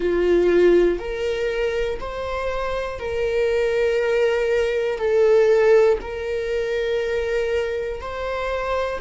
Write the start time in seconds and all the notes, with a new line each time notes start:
0.00 F4
0.99 A#4
2.00 C5
2.99 A#4
4.98 A4
6.00 A#4
8.00 C5